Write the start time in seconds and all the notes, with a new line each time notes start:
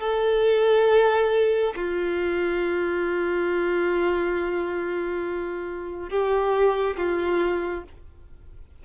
0.00 A4
1.76 F4
6.10 G4
6.97 F4